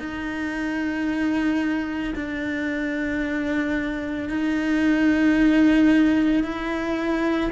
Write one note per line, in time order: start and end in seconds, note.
0.00 2.14 D#4
2.15 4.29 D4
4.29 6.43 D#4
6.44 7.51 E4